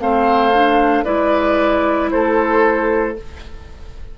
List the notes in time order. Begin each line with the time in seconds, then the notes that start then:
0.00 A3 C4 C5 F5
0.53 D4
1.05 G#3 E4 B4 D5
2.11 A3 A4 C5